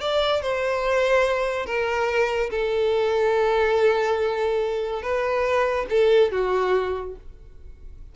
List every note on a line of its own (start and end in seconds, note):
0.00 0.42 D5
0.42 1.66 C5
1.66 2.50 A#4
2.50 5.02 A4
5.02 5.86 B4
5.90 6.31 A4
6.32 7.16 F#4